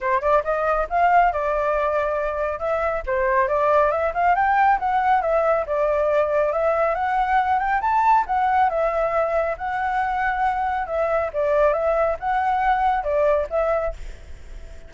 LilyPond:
\new Staff \with { instrumentName = "flute" } { \time 4/4 \tempo 4 = 138 c''8 d''8 dis''4 f''4 d''4~ | d''2 e''4 c''4 | d''4 e''8 f''8 g''4 fis''4 | e''4 d''2 e''4 |
fis''4. g''8 a''4 fis''4 | e''2 fis''2~ | fis''4 e''4 d''4 e''4 | fis''2 d''4 e''4 | }